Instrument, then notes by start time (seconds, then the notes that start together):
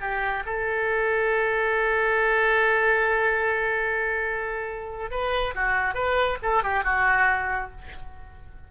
oboe
0.00 G4
0.45 A4
5.11 B4
5.55 F#4
5.94 B4
6.42 A4
6.63 G4
6.84 F#4